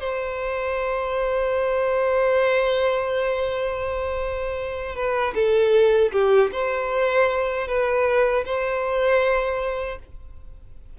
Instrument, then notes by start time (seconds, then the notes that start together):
violin
0.00 C5
4.96 B4
5.35 A4
6.13 G4
6.52 C5
7.68 B4
8.45 C5